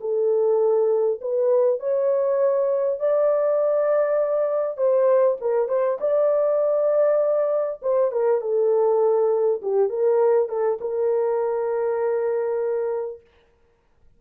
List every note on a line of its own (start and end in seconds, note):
0.00 1.20 A4
1.21 1.79 B4
1.79 2.99 C#5
2.99 4.77 D5
4.77 5.37 C5
5.40 5.68 A#4
5.68 5.98 C5
6.00 7.80 D5
7.81 8.11 C5
8.11 8.41 A#4
8.41 9.61 A4
9.62 9.89 G4
9.89 10.48 A#4
10.48 10.78 A4
10.80 13.20 A#4